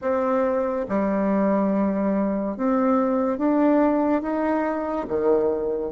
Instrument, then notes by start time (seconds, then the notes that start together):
bassoon
0.01 C4
0.88 G3
2.56 C4
3.38 D4
4.21 D#4
5.08 D#3